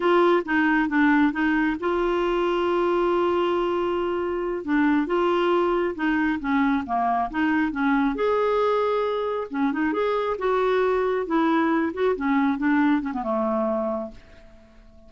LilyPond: \new Staff \with { instrumentName = "clarinet" } { \time 4/4 \tempo 4 = 136 f'4 dis'4 d'4 dis'4 | f'1~ | f'2~ f'8 d'4 f'8~ | f'4. dis'4 cis'4 ais8~ |
ais8 dis'4 cis'4 gis'4.~ | gis'4. cis'8 dis'8 gis'4 fis'8~ | fis'4. e'4. fis'8 cis'8~ | cis'8 d'4 cis'16 b16 a2 | }